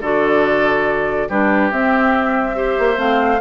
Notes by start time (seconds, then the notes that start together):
0.00 D3 F#4 A4 D5
1.29 G3 D4 G4 B4
1.71 C4 E5
2.55 G4 C5
2.78 A#3
2.96 A3 C4 F5